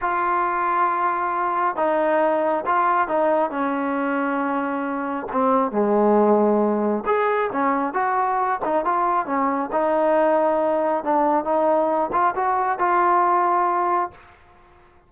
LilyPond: \new Staff \with { instrumentName = "trombone" } { \time 4/4 \tempo 4 = 136 f'1 | dis'2 f'4 dis'4 | cis'1 | c'4 gis2. |
gis'4 cis'4 fis'4. dis'8 | f'4 cis'4 dis'2~ | dis'4 d'4 dis'4. f'8 | fis'4 f'2. | }